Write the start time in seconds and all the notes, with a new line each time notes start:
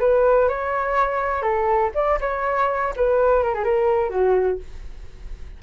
0.00 B4
0.49 C#5
1.43 A4
1.95 D5
2.21 C#5
2.96 B4
3.43 A#4
3.54 G#4
3.64 A#4
4.10 F#4